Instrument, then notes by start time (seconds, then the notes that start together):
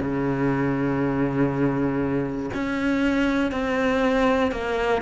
cello
0.00 C#3
2.54 C#4
3.51 C4
4.51 A#3